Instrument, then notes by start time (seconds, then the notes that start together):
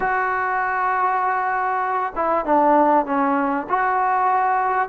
trombone
0.00 F#4
2.15 E4
2.45 D4
3.05 C#4
3.69 F#4